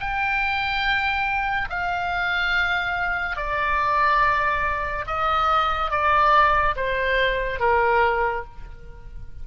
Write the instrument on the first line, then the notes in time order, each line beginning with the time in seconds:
oboe
0.00 G5
1.70 F5
3.36 D5
5.07 D#5
5.91 D5
6.76 C5
7.60 A#4